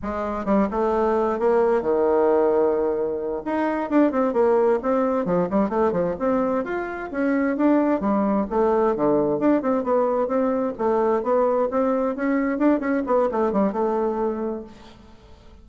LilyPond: \new Staff \with { instrumentName = "bassoon" } { \time 4/4 \tempo 4 = 131 gis4 g8 a4. ais4 | dis2.~ dis8 dis'8~ | dis'8 d'8 c'8 ais4 c'4 f8 | g8 a8 f8 c'4 f'4 cis'8~ |
cis'8 d'4 g4 a4 d8~ | d8 d'8 c'8 b4 c'4 a8~ | a8 b4 c'4 cis'4 d'8 | cis'8 b8 a8 g8 a2 | }